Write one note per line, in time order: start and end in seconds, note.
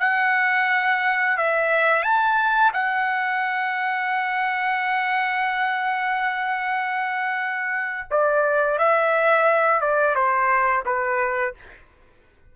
0.00 1.38 F#5
1.38 2.03 E5
2.03 2.72 A5
2.74 8.08 F#5
8.11 8.79 D5
8.79 9.81 E5
9.81 10.16 D5
10.16 10.85 C5
10.86 11.55 B4